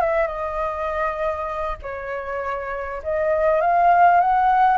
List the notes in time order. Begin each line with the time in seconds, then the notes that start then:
0.00 E5
0.27 D#5
1.82 C#5
3.03 D#5
3.61 F5
4.20 F#5